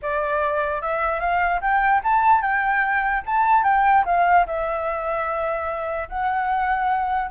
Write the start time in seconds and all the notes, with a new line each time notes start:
0.02 D5
0.81 E5
1.20 F5
1.61 G5
2.03 A5
2.41 G5
3.26 A5
3.63 G5
4.05 F5
4.46 E5
6.08 F#5